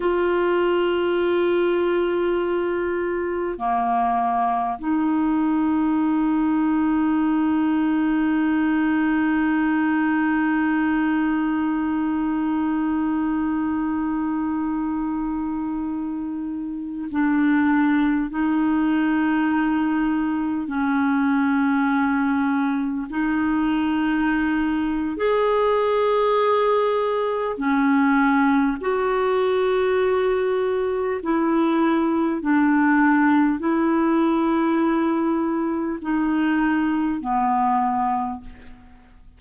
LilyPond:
\new Staff \with { instrumentName = "clarinet" } { \time 4/4 \tempo 4 = 50 f'2. ais4 | dis'1~ | dis'1~ | dis'2~ dis'16 d'4 dis'8.~ |
dis'4~ dis'16 cis'2 dis'8.~ | dis'4 gis'2 cis'4 | fis'2 e'4 d'4 | e'2 dis'4 b4 | }